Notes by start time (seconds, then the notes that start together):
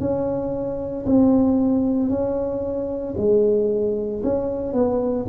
0.00 C#4
1.06 C4
2.09 C#4
3.17 G#3
4.24 C#4
4.73 B3